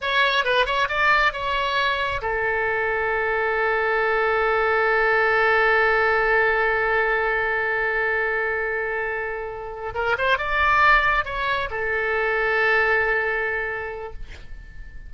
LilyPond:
\new Staff \with { instrumentName = "oboe" } { \time 4/4 \tempo 4 = 136 cis''4 b'8 cis''8 d''4 cis''4~ | cis''4 a'2.~ | a'1~ | a'1~ |
a'1~ | a'2~ a'8 ais'8 c''8 d''8~ | d''4. cis''4 a'4.~ | a'1 | }